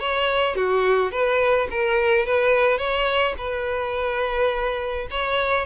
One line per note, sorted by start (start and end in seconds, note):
0.00 0.56 C#5
0.56 1.12 F#4
1.12 1.68 B4
1.71 2.26 A#4
2.26 2.78 B4
2.78 3.34 C#5
3.38 5.08 B4
5.11 5.66 C#5